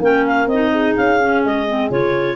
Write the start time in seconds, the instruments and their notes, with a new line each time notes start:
0.00 tuba A#3, clarinet C#4 G5, horn A#4
0.27 clarinet F5
0.48 tuba C4, clarinet D#4 D#5
0.72 horn G#4
0.97 tuba C#4, clarinet F5
1.21 clarinet C#4
1.45 tuba G#3, clarinet D#5
1.68 clarinet C4
1.91 tuba C#3, clarinet F4 C#5